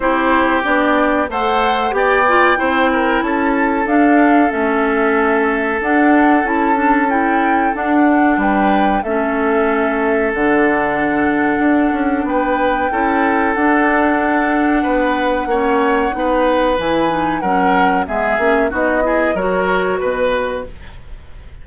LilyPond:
<<
  \new Staff \with { instrumentName = "flute" } { \time 4/4 \tempo 4 = 93 c''4 d''4 fis''4 g''4~ | g''4 a''4 f''4 e''4~ | e''4 fis''4 a''4 g''4 | fis''4 g''4 e''2 |
fis''2. g''4~ | g''4 fis''2.~ | fis''2 gis''4 fis''4 | e''4 dis''4 cis''4 b'4 | }
  \new Staff \with { instrumentName = "oboe" } { \time 4/4 g'2 c''4 d''4 | c''8 ais'8 a'2.~ | a'1~ | a'4 b'4 a'2~ |
a'2. b'4 | a'2. b'4 | cis''4 b'2 ais'4 | gis'4 fis'8 gis'8 ais'4 b'4 | }
  \new Staff \with { instrumentName = "clarinet" } { \time 4/4 e'4 d'4 a'4 g'8 f'8 | e'2 d'4 cis'4~ | cis'4 d'4 e'8 d'8 e'4 | d'2 cis'2 |
d'1 | e'4 d'2. | cis'4 dis'4 e'8 dis'8 cis'4 | b8 cis'8 dis'8 e'8 fis'2 | }
  \new Staff \with { instrumentName = "bassoon" } { \time 4/4 c'4 b4 a4 b4 | c'4 cis'4 d'4 a4~ | a4 d'4 cis'2 | d'4 g4 a2 |
d2 d'8 cis'8 b4 | cis'4 d'2 b4 | ais4 b4 e4 fis4 | gis8 ais8 b4 fis4 b,4 | }
>>